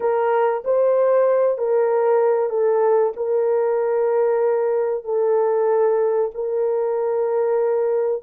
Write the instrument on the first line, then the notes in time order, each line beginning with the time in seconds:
horn
0.00 A#4
0.64 C5
1.58 A#4
2.49 A4
3.16 A#4
5.04 A4
6.34 A#4